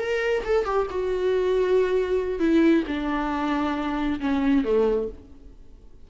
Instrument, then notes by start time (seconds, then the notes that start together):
viola
0.00 A#4
0.45 A4
0.65 G4
0.91 F#4
2.40 E4
2.88 D4
4.21 C#4
4.64 A3